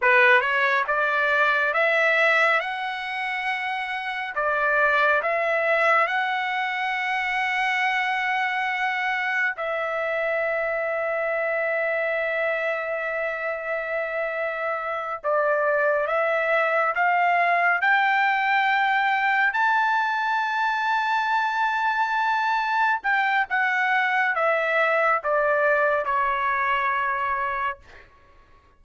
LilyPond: \new Staff \with { instrumentName = "trumpet" } { \time 4/4 \tempo 4 = 69 b'8 cis''8 d''4 e''4 fis''4~ | fis''4 d''4 e''4 fis''4~ | fis''2. e''4~ | e''1~ |
e''4. d''4 e''4 f''8~ | f''8 g''2 a''4.~ | a''2~ a''8 g''8 fis''4 | e''4 d''4 cis''2 | }